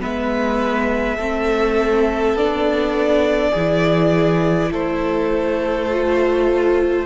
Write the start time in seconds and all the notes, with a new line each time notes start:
0.00 G#3 B3 B4 E5
1.17 A3 C4 A4
2.34 B3 D4 D5
3.52 E3 E4 G#4
4.72 A3 A4 C5
5.91 F4